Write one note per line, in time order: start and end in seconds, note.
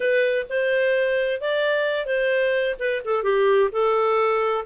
0.00 0.46 B4
0.49 1.40 C5
1.40 2.05 D5
2.05 2.75 C5
2.79 3.02 B4
3.04 3.23 A4
3.23 3.70 G4
3.71 4.64 A4